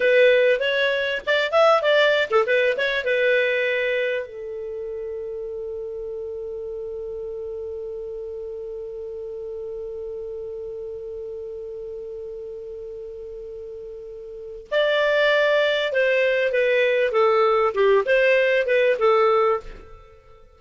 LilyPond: \new Staff \with { instrumentName = "clarinet" } { \time 4/4 \tempo 4 = 98 b'4 cis''4 d''8 e''8 d''8. a'16 | b'8 cis''8 b'2 a'4~ | a'1~ | a'1~ |
a'1~ | a'1 | d''2 c''4 b'4 | a'4 g'8 c''4 b'8 a'4 | }